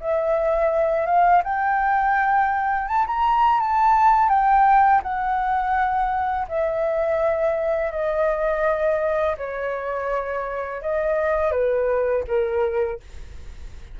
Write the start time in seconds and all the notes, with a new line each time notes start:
0.00 E5
1.05 F5
1.43 G5
2.88 A5
3.06 A#5
3.60 A5
4.29 G5
5.02 F#5
6.48 E5
7.91 D#5
9.37 C#5
10.81 D#5
11.51 B4
12.27 A#4